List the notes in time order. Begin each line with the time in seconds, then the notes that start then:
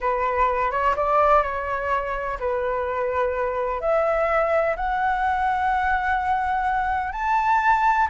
0.00 B4
0.71 C#5
0.96 D5
1.42 C#5
2.39 B4
3.81 E5
4.76 F#5
7.12 A5